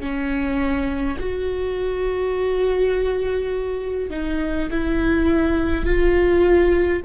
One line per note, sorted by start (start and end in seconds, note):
0.00 1.18 C#4
1.19 4.10 F#4
4.10 4.68 D#4
4.70 5.84 E4
5.84 7.02 F4